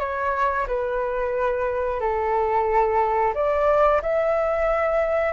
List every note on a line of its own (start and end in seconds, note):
0.00 0.67 C#5
0.68 2.01 B4
2.01 3.34 A4
3.35 4.02 D5
4.02 5.33 E5